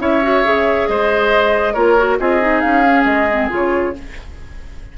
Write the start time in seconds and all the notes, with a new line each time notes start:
0.00 C#4 E4 C#5 E5
0.22 F#4
0.45 C#3 G#4
0.87 G#3 C5 D#5
1.74 A#3 F4 A#4 C#5
1.98 F#4
2.19 C4 F4 G#4 D#5
2.41 D#4
2.60 C#4 F5
2.84 C#4
3.04 G#3 D#5
3.30 C4
3.50 C#3 F4 C#5